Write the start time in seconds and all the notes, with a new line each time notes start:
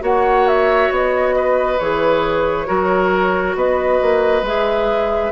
0.00 A#3 F#4 C#5 F#5
0.48 E5
0.90 B3 D#5
1.35 B4
1.78 E3 G#4 C#5
2.65 F#3 F#4 A#4
3.55 B3 B4 D#5
4.01 A#3
4.42 G#3 G#4 E5